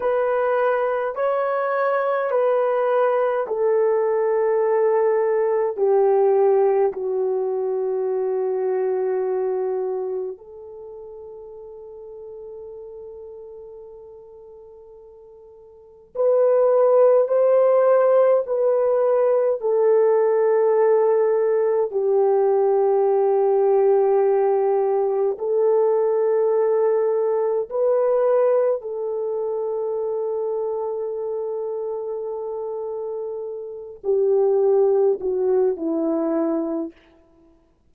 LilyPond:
\new Staff \with { instrumentName = "horn" } { \time 4/4 \tempo 4 = 52 b'4 cis''4 b'4 a'4~ | a'4 g'4 fis'2~ | fis'4 a'2.~ | a'2 b'4 c''4 |
b'4 a'2 g'4~ | g'2 a'2 | b'4 a'2.~ | a'4. g'4 fis'8 e'4 | }